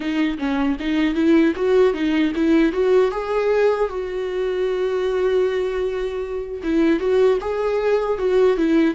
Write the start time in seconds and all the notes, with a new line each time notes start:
0.00 D#4
0.38 C#4
0.79 D#4
1.14 E4
1.55 F#4
1.93 D#4
2.35 E4
2.72 F#4
3.11 G#4
3.89 F#4
6.63 E4
6.99 F#4
7.40 G#4
8.18 F#4
8.57 E4